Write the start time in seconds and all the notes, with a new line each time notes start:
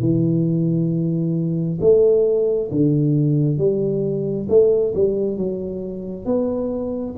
0.00 E3
1.81 A3
2.72 D3
3.58 G3
4.49 A3
4.95 G3
5.38 F#3
6.26 B3